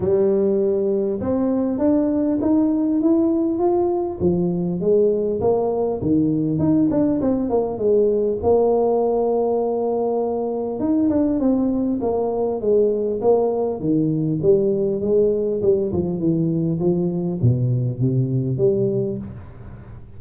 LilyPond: \new Staff \with { instrumentName = "tuba" } { \time 4/4 \tempo 4 = 100 g2 c'4 d'4 | dis'4 e'4 f'4 f4 | gis4 ais4 dis4 dis'8 d'8 | c'8 ais8 gis4 ais2~ |
ais2 dis'8 d'8 c'4 | ais4 gis4 ais4 dis4 | g4 gis4 g8 f8 e4 | f4 b,4 c4 g4 | }